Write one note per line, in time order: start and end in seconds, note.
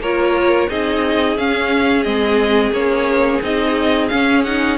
0.00 0.68 A#3
0.00 0.69 F4
0.00 0.70 A#4
0.00 0.70 C#5
0.69 1.38 C4
0.69 1.37 D#4
0.69 4.79 G#4
0.69 1.38 D#5
1.38 2.06 C#4
1.38 2.05 C#4
1.38 2.04 F5
2.04 2.72 G#3
2.04 2.73 C4
2.04 2.72 D#5
2.72 3.40 A#3
2.72 3.42 C#4
2.72 3.42 C#5
3.42 4.11 C4
3.42 4.10 D#4
3.42 4.09 D#5
4.09 4.44 C#4
4.09 4.79 C#4
4.09 4.43 F5
4.44 4.79 D#4
4.44 4.79 F#5